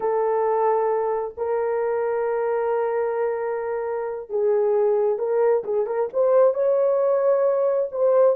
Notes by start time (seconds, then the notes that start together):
0.00 A4
1.37 A#4
4.29 G#4
5.18 A#4
5.63 G#4
5.86 A#4
6.13 C5
6.54 C#5
7.91 C5